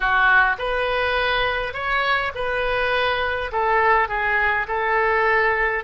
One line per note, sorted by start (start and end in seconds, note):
0.00 0.56 F#4
0.58 1.73 B4
1.73 2.31 C#5
2.34 3.51 B4
3.52 4.08 A4
4.08 4.66 G#4
4.67 5.84 A4